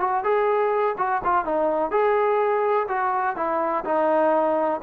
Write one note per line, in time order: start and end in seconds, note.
0.00 0.24 F#4
0.24 0.96 G#4
0.98 1.22 F#4
1.24 1.45 F4
1.45 1.91 D#4
1.91 2.87 G#4
2.88 3.36 F#4
3.36 3.84 E4
3.85 4.81 D#4